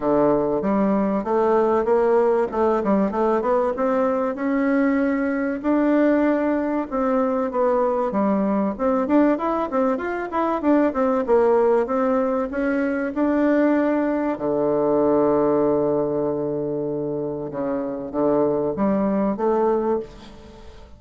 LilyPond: \new Staff \with { instrumentName = "bassoon" } { \time 4/4 \tempo 4 = 96 d4 g4 a4 ais4 | a8 g8 a8 b8 c'4 cis'4~ | cis'4 d'2 c'4 | b4 g4 c'8 d'8 e'8 c'8 |
f'8 e'8 d'8 c'8 ais4 c'4 | cis'4 d'2 d4~ | d1 | cis4 d4 g4 a4 | }